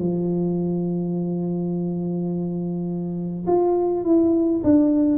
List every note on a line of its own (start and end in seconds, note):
0.00 3.46 F3
3.47 4.04 F4
4.04 4.62 E4
4.64 5.18 D4